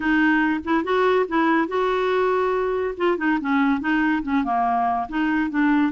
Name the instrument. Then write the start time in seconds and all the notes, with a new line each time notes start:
clarinet
0.00 D#4
0.64 E4
0.83 F#4
1.28 E4
1.68 F#4
2.97 F4
3.17 D#4
3.41 C#4
3.80 D#4
4.23 C#4
4.44 A#3
5.09 D#4
5.50 D4